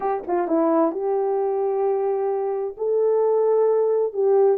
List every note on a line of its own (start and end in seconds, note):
0.00 0.22 G4
0.27 0.47 F4
0.47 0.91 E4
0.91 2.75 G4
2.77 4.13 A4
4.13 4.57 G4